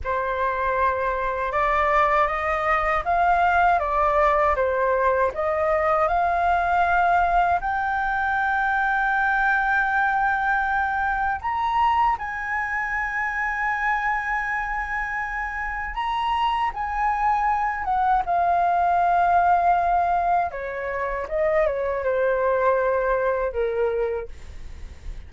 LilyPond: \new Staff \with { instrumentName = "flute" } { \time 4/4 \tempo 4 = 79 c''2 d''4 dis''4 | f''4 d''4 c''4 dis''4 | f''2 g''2~ | g''2. ais''4 |
gis''1~ | gis''4 ais''4 gis''4. fis''8 | f''2. cis''4 | dis''8 cis''8 c''2 ais'4 | }